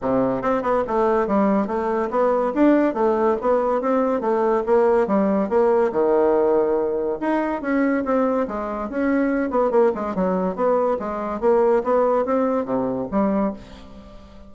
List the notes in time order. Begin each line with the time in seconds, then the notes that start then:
0.01 C3
0.42 C4
0.62 B3
0.87 A3
1.27 G3
1.67 A3
2.10 B3
2.54 D4
2.94 A3
3.41 B3
3.81 C4
4.20 A3
4.65 A#3
5.07 G3
5.49 A#3
5.92 D#3
7.20 D#4
7.61 C#4
8.05 C4
8.47 G#3
8.89 C#4
9.50 B3
9.71 A#3
9.94 G#3
10.15 F#3
10.55 B3
10.99 G#3
11.40 A#3
11.83 B3
12.25 C4
12.65 C3
13.11 G3